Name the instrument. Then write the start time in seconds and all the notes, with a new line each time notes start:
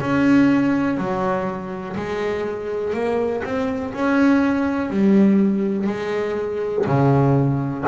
double bass
0.00 C#4
0.97 F#3
1.96 G#3
2.93 A#3
3.44 C4
3.93 C#4
4.90 G3
5.87 G#3
6.86 C#3